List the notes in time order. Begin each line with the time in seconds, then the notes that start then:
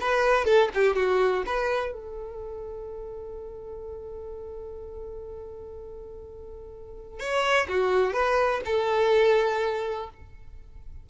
0.00 B4
0.45 A4
0.74 G4
0.95 F#4
1.46 B4
1.93 A4
7.20 C#5
7.68 F#4
8.13 B4
8.65 A4